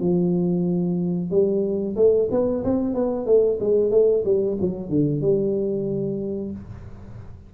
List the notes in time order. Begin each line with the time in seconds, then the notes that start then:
0.00 F3
1.31 G3
1.96 A3
2.31 B3
2.64 C4
2.95 B3
3.26 A3
3.60 G#3
3.91 A3
4.25 G3
4.61 F#3
4.89 D3
5.21 G3